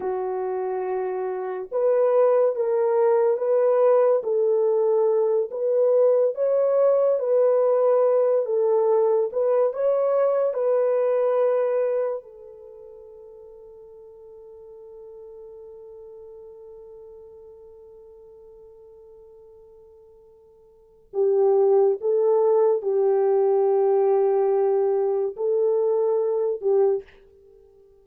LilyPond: \new Staff \with { instrumentName = "horn" } { \time 4/4 \tempo 4 = 71 fis'2 b'4 ais'4 | b'4 a'4. b'4 cis''8~ | cis''8 b'4. a'4 b'8 cis''8~ | cis''8 b'2 a'4.~ |
a'1~ | a'1~ | a'4 g'4 a'4 g'4~ | g'2 a'4. g'8 | }